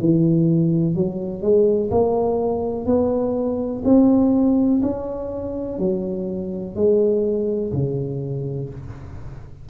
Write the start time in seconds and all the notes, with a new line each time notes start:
0.00 E3
0.95 F#3
1.42 G#3
1.91 A#3
2.86 B3
3.84 C4
4.82 C#4
5.79 F#3
6.75 G#3
7.73 C#3